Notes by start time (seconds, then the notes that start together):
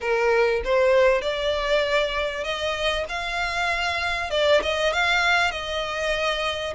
0.01 A#4
0.64 C5
1.21 D5
2.44 D#5
3.08 F5
4.30 D5
4.62 D#5
4.92 F5
5.51 D#5